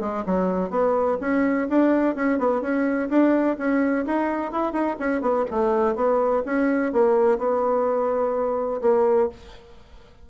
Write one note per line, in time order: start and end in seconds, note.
0.00 0.24 G#3
0.26 0.70 F#3
0.70 1.18 B3
1.21 1.68 C#4
1.69 2.15 D4
2.15 2.38 C#4
2.38 2.61 B3
2.61 3.09 C#4
3.09 3.57 D4
3.58 4.05 C#4
4.05 4.52 D#4
4.52 4.72 E4
4.72 4.96 D#4
4.99 5.21 C#4
5.21 5.45 B3
5.50 5.95 A3
5.95 6.43 B3
6.45 6.92 C#4
6.92 7.38 A#3
7.38 8.81 B3
8.81 9.29 A#3